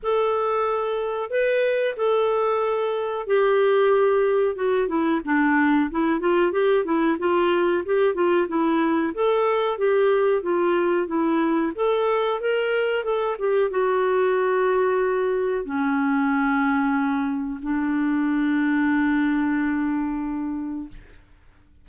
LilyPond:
\new Staff \with { instrumentName = "clarinet" } { \time 4/4 \tempo 4 = 92 a'2 b'4 a'4~ | a'4 g'2 fis'8 e'8 | d'4 e'8 f'8 g'8 e'8 f'4 | g'8 f'8 e'4 a'4 g'4 |
f'4 e'4 a'4 ais'4 | a'8 g'8 fis'2. | cis'2. d'4~ | d'1 | }